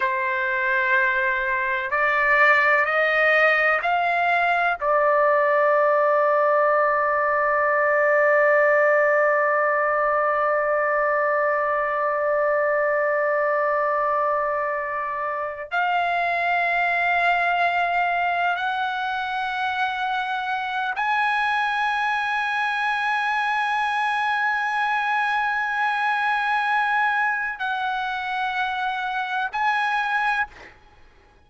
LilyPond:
\new Staff \with { instrumentName = "trumpet" } { \time 4/4 \tempo 4 = 63 c''2 d''4 dis''4 | f''4 d''2.~ | d''1~ | d''1~ |
d''8 f''2. fis''8~ | fis''2 gis''2~ | gis''1~ | gis''4 fis''2 gis''4 | }